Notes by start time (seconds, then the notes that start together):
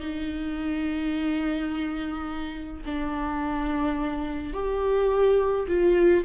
0.00 D#4
2.86 D4
4.54 G4
5.68 F4